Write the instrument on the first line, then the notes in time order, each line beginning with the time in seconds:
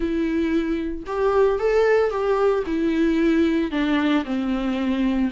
viola
0.00 E4
1.06 G4
1.59 A4
2.10 G4
2.66 E4
3.71 D4
4.24 C4